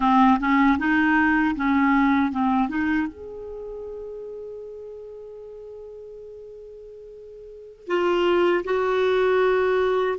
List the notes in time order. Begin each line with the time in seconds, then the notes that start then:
0.00 C4
0.39 C#4
0.78 D#4
1.55 C#4
2.31 C4
2.69 D#4
3.07 G#4
7.87 F4
8.64 F#4